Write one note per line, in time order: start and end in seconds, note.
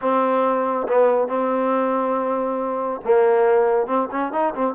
0.01 0.87 C4
0.88 1.28 B3
1.28 3.00 C4
3.04 3.87 A#3
3.87 4.08 C4
4.11 4.32 C#4
4.32 4.54 D#4
4.55 4.74 C4